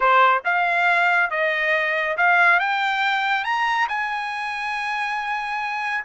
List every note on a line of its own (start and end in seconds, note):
0.00 0.43 C5
0.45 1.30 F5
1.30 2.16 D#5
2.17 2.59 F5
2.59 3.44 G5
3.44 3.87 A#5
3.88 6.04 G#5